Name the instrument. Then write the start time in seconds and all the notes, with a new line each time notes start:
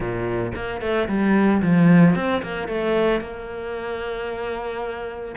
cello
0.00 A#2
0.55 A#3
0.81 A3
1.08 G3
1.62 F3
2.15 C4
2.42 A#3
2.68 A3
3.20 A#3